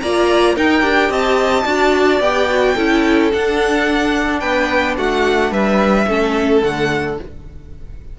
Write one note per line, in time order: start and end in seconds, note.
0.00 0.57 A#3
0.00 0.57 F4
0.00 0.55 D5
0.00 0.55 A#5
0.55 0.83 D#4
0.55 0.82 D#4
0.55 1.10 A#4
0.55 1.12 G5
0.82 1.10 D4
0.82 1.64 G4
1.10 1.65 C4
1.10 1.65 D#5
1.10 2.21 A5
1.65 2.20 D4
1.65 2.22 F#4
1.65 2.75 D5
2.20 2.75 B3
2.20 2.49 G4
2.20 3.31 G5
2.49 2.77 F#4
2.75 3.32 C#4
2.75 3.32 E4
2.75 4.40 A4
3.32 6.07 D4
3.32 4.43 D4
3.32 4.40 F#5
4.40 4.98 B3
4.40 4.96 B4
4.40 4.95 G5
4.97 5.51 A3
4.97 5.52 F#4
4.97 5.53 F#5
5.51 6.06 G3
5.51 6.07 B4
5.51 6.62 E5
6.07 6.62 A3
6.07 6.63 C#4
6.07 7.19 A4
6.62 7.18 D3
6.62 7.18 A3
6.62 7.17 F#5